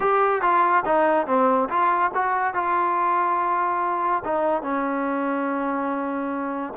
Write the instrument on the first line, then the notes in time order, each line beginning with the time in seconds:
trombone
0.00 G4
0.41 F4
0.85 D#4
1.26 C4
1.69 F4
2.14 F#4
2.54 F4
4.24 D#4
4.62 C#4